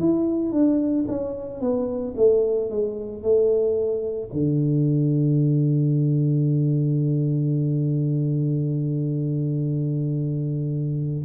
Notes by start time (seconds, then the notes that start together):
0.00 E4
0.52 D4
1.08 C#4
1.61 B3
2.17 A3
2.70 G#3
3.23 A3
4.33 D3